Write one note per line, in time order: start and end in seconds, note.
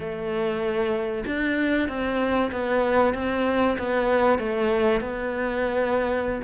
0.00 1.25 A3
1.26 1.89 D4
1.89 2.51 C4
2.52 3.14 B3
3.15 3.77 C4
3.79 4.39 B3
4.39 5.01 A3
5.01 6.42 B3